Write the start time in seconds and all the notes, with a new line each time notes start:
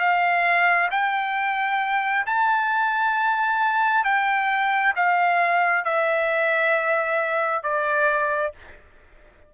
0.00 F5
0.92 G5
2.27 A5
4.05 G5
4.96 F5
5.85 E5
7.64 D5